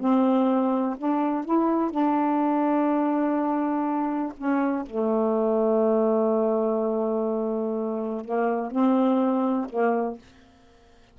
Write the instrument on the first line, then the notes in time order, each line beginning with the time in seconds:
saxophone
0.00 C4
0.98 D4
1.45 E4
1.91 D4
4.38 C#4
4.87 A3
8.25 A#3
8.71 C4
9.70 A#3